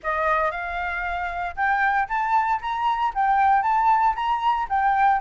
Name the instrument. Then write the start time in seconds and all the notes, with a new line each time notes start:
flute
0.03 D#5
0.51 F5
1.55 G5
2.08 A5
2.61 A#5
3.14 G5
3.62 A5
4.15 A#5
4.69 G5